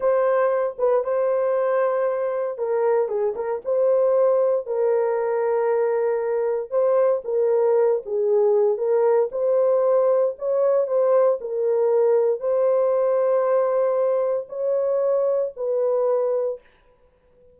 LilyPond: \new Staff \with { instrumentName = "horn" } { \time 4/4 \tempo 4 = 116 c''4. b'8 c''2~ | c''4 ais'4 gis'8 ais'8 c''4~ | c''4 ais'2.~ | ais'4 c''4 ais'4. gis'8~ |
gis'4 ais'4 c''2 | cis''4 c''4 ais'2 | c''1 | cis''2 b'2 | }